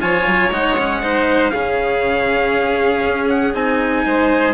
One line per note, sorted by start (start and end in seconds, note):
0.00 0.26 F3
0.00 0.50 F4
0.00 1.01 C#5
0.00 0.51 G#5
0.26 0.51 F#3
0.51 1.51 G#3
0.51 0.77 D#4
0.51 1.50 F#5
0.78 1.02 C#4
1.02 1.52 D#4
1.02 1.52 C5
1.50 3.05 C#3
1.50 3.54 C#4
1.50 4.04 G#4
1.50 3.26 F5
3.05 3.53 C#4
3.29 3.54 F#5
3.53 4.04 C4
3.53 4.53 D#4
3.53 4.53 G#5
4.05 4.53 G#3
4.05 4.53 C5